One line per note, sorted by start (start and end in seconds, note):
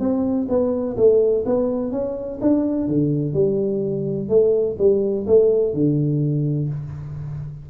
0.00 0.48 C4
0.49 0.97 B3
0.97 1.45 A3
1.46 1.92 B3
1.92 2.40 C#4
2.42 2.88 D4
2.88 3.34 D3
3.34 4.29 G3
4.29 4.77 A3
4.79 5.26 G3
5.27 5.74 A3
5.74 6.69 D3